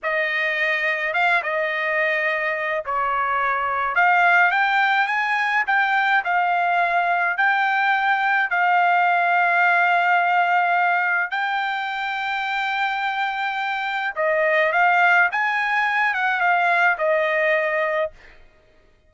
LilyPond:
\new Staff \with { instrumentName = "trumpet" } { \time 4/4 \tempo 4 = 106 dis''2 f''8 dis''4.~ | dis''4 cis''2 f''4 | g''4 gis''4 g''4 f''4~ | f''4 g''2 f''4~ |
f''1 | g''1~ | g''4 dis''4 f''4 gis''4~ | gis''8 fis''8 f''4 dis''2 | }